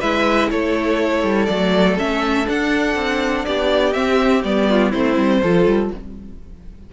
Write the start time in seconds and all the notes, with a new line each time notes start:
0.00 G#3 E4 B4 E5
0.51 A3 A4 C#5
1.23 G3
1.46 F#3 A3 D5
1.98 A3 C#4 E5
2.46 D4 F#5
2.96 C4
3.45 B3 G4 D5
3.93 C4 E5
4.44 G3 B3 D5
4.70 F4
4.90 A3 C4 E4 C5
5.18 G3
5.43 F3 F4 A4
5.66 G3